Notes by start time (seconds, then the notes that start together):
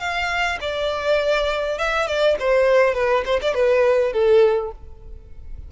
0.00 F5
0.61 D5
1.79 E5
2.07 D5
2.40 C5
2.95 B4
3.25 C5
3.42 D5
3.55 B4
4.13 A4